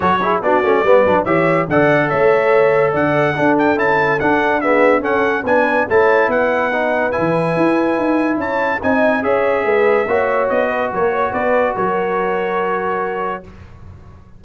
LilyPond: <<
  \new Staff \with { instrumentName = "trumpet" } { \time 4/4 \tempo 4 = 143 cis''4 d''2 e''4 | fis''4 e''2 fis''4~ | fis''8 g''8 a''4 fis''4 e''4 | fis''4 gis''4 a''4 fis''4~ |
fis''4 gis''2. | a''4 gis''4 e''2~ | e''4 dis''4 cis''4 d''4 | cis''1 | }
  \new Staff \with { instrumentName = "horn" } { \time 4/4 a'8 gis'8 fis'4 b'4 cis''4 | d''4 cis''2 d''4 | a'2. gis'4 | a'4 b'4 cis''4 b'4~ |
b'1 | cis''4 dis''4 cis''4 b'4 | cis''4. b'8 ais'8 cis''8 b'4 | ais'1 | }
  \new Staff \with { instrumentName = "trombone" } { \time 4/4 fis'8 e'8 d'8 cis'8 b8 d'8 g'4 | a'1 | d'4 e'4 d'4 b4 | cis'4 d'4 e'2 |
dis'4 e'2.~ | e'4 dis'4 gis'2 | fis'1~ | fis'1 | }
  \new Staff \with { instrumentName = "tuba" } { \time 4/4 fis4 b8 a8 g8 fis8 e4 | d4 a2 d4 | d'4 cis'4 d'2 | cis'4 b4 a4 b4~ |
b4 e4 e'4 dis'4 | cis'4 c'4 cis'4 gis4 | ais4 b4 fis16 ais8. b4 | fis1 | }
>>